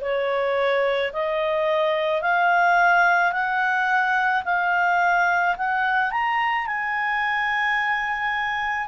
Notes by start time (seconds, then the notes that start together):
0.00 C#5
1.13 D#5
2.21 F5
3.31 F#5
4.44 F5
5.57 F#5
6.11 A#5
6.66 G#5